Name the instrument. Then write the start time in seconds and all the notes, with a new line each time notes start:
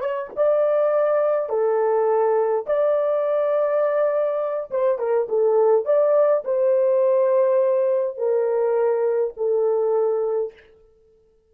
horn
0.00 C#5
0.36 D5
1.49 A4
2.66 D5
4.71 C5
4.98 A#4
5.29 A4
5.85 D5
6.44 C5
8.17 A#4
9.37 A4